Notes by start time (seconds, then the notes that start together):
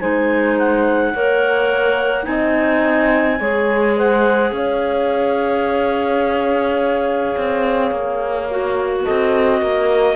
0.00 G#3 D#4 C5 G#5
0.58 F#5
1.14 A#3 A#4 C#5
2.23 C4 D#4 D#5 G#5
3.40 G#3 G#4 C#5
3.97 C5 F#5
4.52 C#4 C#5 F5
7.37 C4
7.91 A#3
8.50 F#4
9.04 C4 A4 D#5
9.61 A#3 A#4